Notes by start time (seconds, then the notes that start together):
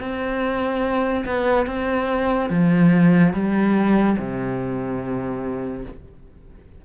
0.00 C4
1.26 B3
1.66 C4
2.50 F3
3.34 G3
4.18 C3